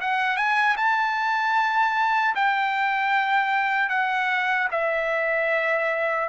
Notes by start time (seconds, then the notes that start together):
0.00 F#5
0.36 G#5
0.76 A5
2.35 G5
3.89 F#5
4.71 E5